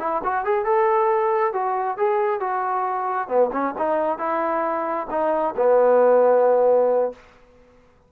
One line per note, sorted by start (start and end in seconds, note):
0.00 0.22 E4
0.24 0.45 F#4
0.45 0.66 G#4
0.66 1.54 A4
1.54 1.98 F#4
1.98 2.41 G#4
2.41 3.28 F#4
3.28 3.51 B3
3.53 3.75 C#4
3.79 4.19 D#4
4.19 5.08 E4
5.11 5.55 D#4
5.57 7.13 B3